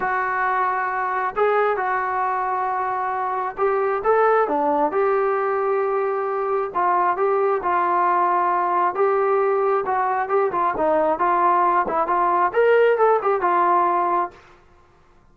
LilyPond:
\new Staff \with { instrumentName = "trombone" } { \time 4/4 \tempo 4 = 134 fis'2. gis'4 | fis'1 | g'4 a'4 d'4 g'4~ | g'2. f'4 |
g'4 f'2. | g'2 fis'4 g'8 f'8 | dis'4 f'4. e'8 f'4 | ais'4 a'8 g'8 f'2 | }